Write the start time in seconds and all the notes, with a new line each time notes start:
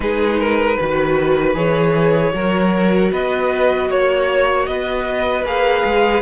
0.00 G#3 D#4 G#4 B4
0.39 A#4
0.76 D#3 F#4 B4
1.54 E3 G#4 C#5
2.31 F#3 F#4 A#4
3.11 B3 B4 D#5
3.89 A#3 C#5
4.66 B3 B4 D#5
5.44 A#3 G#4 F5
5.85 G#3